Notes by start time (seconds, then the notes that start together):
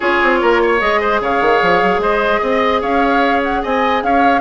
0.00 C#4 F4 G#4 C#5
0.22 C4
0.41 A#3 A#4
0.61 C#5
0.79 G#3 G#4 D#5
1.00 C5
1.20 C#3 C#5 F5
1.41 D#3
1.61 F3
1.82 F#3
1.98 G#3 C5 D#5
2.41 C4 D#5
2.81 C#4 C#5 F5
3.43 F#5
3.62 C4 D#5 G#5
4.03 C#4 C#5 F5